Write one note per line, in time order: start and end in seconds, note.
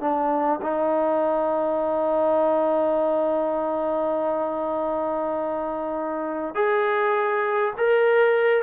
0.00 0.59 D4
0.61 6.54 D#4
6.54 7.73 G#4
7.77 8.62 A#4